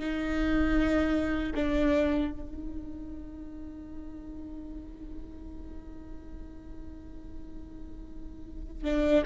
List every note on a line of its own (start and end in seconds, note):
0.00 1.54 D#4
1.56 2.32 D4
2.32 8.85 D#4
8.85 9.23 D4